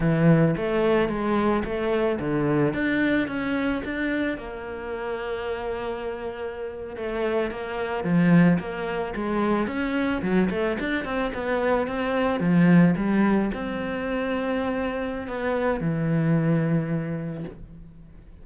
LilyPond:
\new Staff \with { instrumentName = "cello" } { \time 4/4 \tempo 4 = 110 e4 a4 gis4 a4 | d4 d'4 cis'4 d'4 | ais1~ | ais8. a4 ais4 f4 ais16~ |
ais8. gis4 cis'4 fis8 a8 d'16~ | d'16 c'8 b4 c'4 f4 g16~ | g8. c'2.~ c'16 | b4 e2. | }